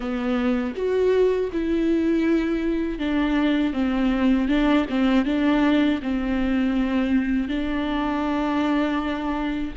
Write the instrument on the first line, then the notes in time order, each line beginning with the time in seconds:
viola
0.00 B3
0.75 F#4
1.52 E4
2.98 D4
3.73 C4
4.48 D4
4.89 C4
5.25 D4
6.02 C4
7.48 D4